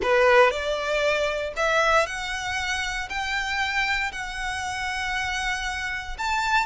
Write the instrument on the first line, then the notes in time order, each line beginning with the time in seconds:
violin
0.02 B4
0.50 D5
1.56 E5
2.06 F#5
3.09 G5
4.12 F#5
6.17 A5